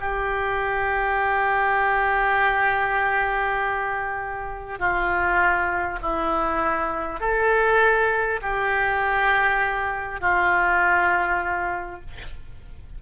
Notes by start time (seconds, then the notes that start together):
0.00 G4
4.79 F4
6.01 E4
7.20 A4
8.42 G4
10.20 F4